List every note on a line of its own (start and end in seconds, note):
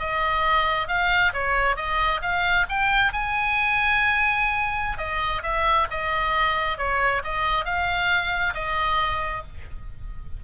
0.00 0.88 D#5
0.88 1.33 F5
1.34 1.77 C#5
1.77 2.21 D#5
2.22 2.67 F5
2.69 3.13 G5
3.13 4.98 G#5
4.98 5.43 D#5
5.43 5.88 E5
5.91 6.78 D#5
6.78 7.23 C#5
7.24 7.65 D#5
7.65 8.54 F5
8.55 9.43 D#5